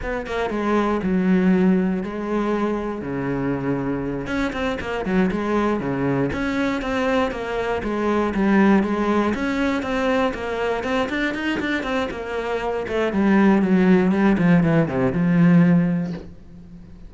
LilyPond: \new Staff \with { instrumentName = "cello" } { \time 4/4 \tempo 4 = 119 b8 ais8 gis4 fis2 | gis2 cis2~ | cis8 cis'8 c'8 ais8 fis8 gis4 cis8~ | cis8 cis'4 c'4 ais4 gis8~ |
gis8 g4 gis4 cis'4 c'8~ | c'8 ais4 c'8 d'8 dis'8 d'8 c'8 | ais4. a8 g4 fis4 | g8 f8 e8 c8 f2 | }